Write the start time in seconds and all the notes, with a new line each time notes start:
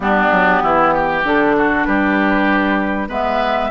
0.00 G3 B3 D4 G4
0.31 F#3
0.62 E3 E4
0.94 G4
1.23 D3 D4 A4
1.56 F#4
1.84 G3 G4 B4
3.08 G#3 B3 B4 E5